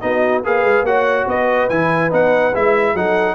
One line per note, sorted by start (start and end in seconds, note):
0.00 0.44 B3
0.00 0.43 D#4
0.00 0.44 F#4
0.00 0.42 D#5
0.44 0.63 A#3
0.44 0.86 G#4
0.44 0.86 B4
0.44 0.85 F5
0.63 0.82 G#3
0.82 1.24 A#3
0.82 1.70 F#4
0.82 1.27 C#5
0.82 1.27 F#5
1.27 1.69 B3
1.27 2.94 B4
1.27 1.69 D#5
1.69 2.11 E3
1.69 2.10 E4
1.69 2.11 G#5
2.10 2.54 B3
2.10 2.52 D#4
2.10 2.55 F#5
2.54 2.94 G#3
2.54 2.96 E4
2.54 2.96 E5
2.94 3.35 F#3
2.94 3.35 D#4
2.94 3.35 A4
2.94 3.35 F#5